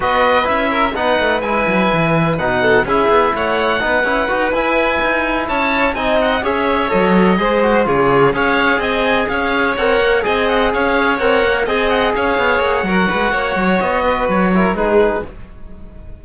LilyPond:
<<
  \new Staff \with { instrumentName = "oboe" } { \time 4/4 \tempo 4 = 126 dis''4 e''4 fis''4 gis''4~ | gis''4 fis''4 e''4 fis''4~ | fis''4. gis''2 a''8~ | a''8 gis''8 fis''8 e''4 dis''4.~ |
dis''8 cis''4 f''4 gis''4 f''8~ | f''8 fis''4 gis''8 fis''8 f''4 fis''8~ | fis''8 gis''8 fis''8 f''4 fis''4.~ | fis''4 dis''4 cis''4 b'4 | }
  \new Staff \with { instrumentName = "violin" } { \time 4/4 b'4. ais'8 b'2~ | b'4. a'8 gis'4 cis''4 | b'2.~ b'8 cis''8~ | cis''8 dis''4 cis''2 c''8~ |
c''8 gis'4 cis''4 dis''4 cis''8~ | cis''4. dis''4 cis''4.~ | cis''8 dis''4 cis''4. ais'8 b'8 | cis''4. b'4 ais'8 gis'4 | }
  \new Staff \with { instrumentName = "trombone" } { \time 4/4 fis'4 e'4 dis'4 e'4~ | e'4 dis'4 e'2 | dis'8 e'8 fis'8 e'2~ e'8~ | e'8 dis'4 gis'4 a'4 gis'8 |
fis'8 f'4 gis'2~ gis'8~ | gis'8 ais'4 gis'2 ais'8~ | ais'8 gis'2~ gis'8 fis'4~ | fis'2~ fis'8 e'8 dis'4 | }
  \new Staff \with { instrumentName = "cello" } { \time 4/4 b4 cis'4 b8 a8 gis8 fis8 | e4 b,4 cis'8 b8 a4 | b8 cis'8 dis'8 e'4 dis'4 cis'8~ | cis'8 c'4 cis'4 fis4 gis8~ |
gis8 cis4 cis'4 c'4 cis'8~ | cis'8 c'8 ais8 c'4 cis'4 c'8 | ais8 c'4 cis'8 b8 ais8 fis8 gis8 | ais8 fis8 b4 fis4 gis4 | }
>>